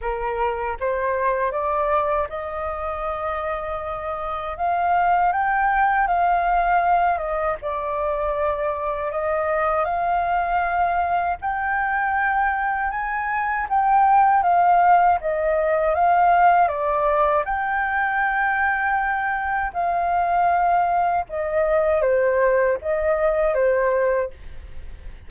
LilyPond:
\new Staff \with { instrumentName = "flute" } { \time 4/4 \tempo 4 = 79 ais'4 c''4 d''4 dis''4~ | dis''2 f''4 g''4 | f''4. dis''8 d''2 | dis''4 f''2 g''4~ |
g''4 gis''4 g''4 f''4 | dis''4 f''4 d''4 g''4~ | g''2 f''2 | dis''4 c''4 dis''4 c''4 | }